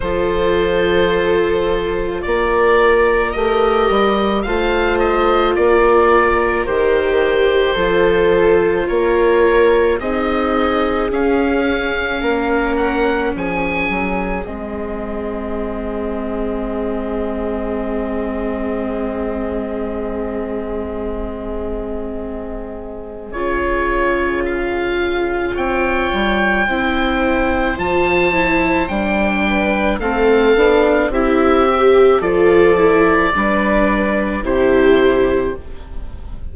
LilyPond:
<<
  \new Staff \with { instrumentName = "oboe" } { \time 4/4 \tempo 4 = 54 c''2 d''4 dis''4 | f''8 dis''8 d''4 c''2 | cis''4 dis''4 f''4. fis''8 | gis''4 dis''2.~ |
dis''1~ | dis''4 cis''4 f''4 g''4~ | g''4 a''4 g''4 f''4 | e''4 d''2 c''4 | }
  \new Staff \with { instrumentName = "viola" } { \time 4/4 a'2 ais'2 | c''4 ais'2 a'4 | ais'4 gis'2 ais'4 | gis'1~ |
gis'1~ | gis'2. cis''4 | c''2~ c''8 b'8 a'4 | g'4 a'4 b'4 g'4 | }
  \new Staff \with { instrumentName = "viola" } { \time 4/4 f'2. g'4 | f'2 g'4 f'4~ | f'4 dis'4 cis'2~ | cis'4 c'2.~ |
c'1~ | c'4 f'2. | e'4 f'8 e'8 d'4 c'8 d'8 | e'8 g'8 f'8 e'8 d'4 e'4 | }
  \new Staff \with { instrumentName = "bassoon" } { \time 4/4 f2 ais4 a8 g8 | a4 ais4 dis4 f4 | ais4 c'4 cis'4 ais4 | f8 fis8 gis2.~ |
gis1~ | gis4 cis2 c'8 g8 | c'4 f4 g4 a8 b8 | c'4 f4 g4 c4 | }
>>